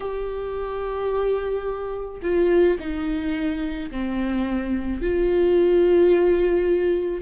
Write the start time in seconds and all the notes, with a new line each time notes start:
0.00 G4
2.22 F4
2.79 D#4
3.90 C4
5.01 F4